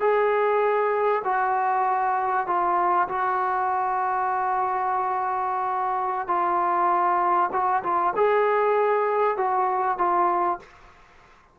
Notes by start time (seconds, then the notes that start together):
0.00 G#4
1.24 F#4
2.47 F4
3.08 F#4
6.28 F4
7.53 F#4
7.83 F4
8.16 G#4
9.38 F#4
9.98 F4